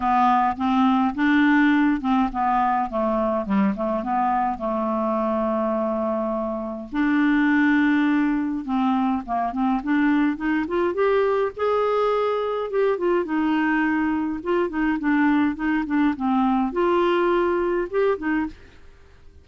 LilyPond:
\new Staff \with { instrumentName = "clarinet" } { \time 4/4 \tempo 4 = 104 b4 c'4 d'4. c'8 | b4 a4 g8 a8 b4 | a1 | d'2. c'4 |
ais8 c'8 d'4 dis'8 f'8 g'4 | gis'2 g'8 f'8 dis'4~ | dis'4 f'8 dis'8 d'4 dis'8 d'8 | c'4 f'2 g'8 dis'8 | }